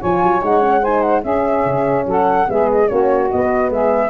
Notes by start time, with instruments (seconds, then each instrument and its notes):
0.00 tuba F3, horn F4, saxophone C#5, flute G#5
0.22 tuba F#3
0.42 tuba G#3, horn D#4, flute F#5
0.61 horn C#4
0.81 horn D#4, saxophone C5, flute G#5
1.02 flute F#5
1.22 horn C#4, tuba C#4, saxophone G#4, flute E5
1.65 tuba C#3
2.06 tuba F#3, saxophone A4, flute F#5
2.47 tuba G#3, horn B3, saxophone G#4, flute E5
2.71 flute D#5
2.87 tuba A#3, horn C#4, saxophone F#4, flute C#5
3.30 horn B3, tuba B3, flute D#5
3.70 tuba G#3, saxophone G#4, flute E5